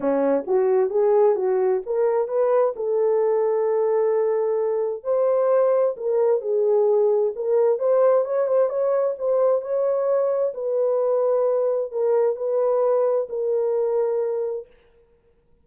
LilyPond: \new Staff \with { instrumentName = "horn" } { \time 4/4 \tempo 4 = 131 cis'4 fis'4 gis'4 fis'4 | ais'4 b'4 a'2~ | a'2. c''4~ | c''4 ais'4 gis'2 |
ais'4 c''4 cis''8 c''8 cis''4 | c''4 cis''2 b'4~ | b'2 ais'4 b'4~ | b'4 ais'2. | }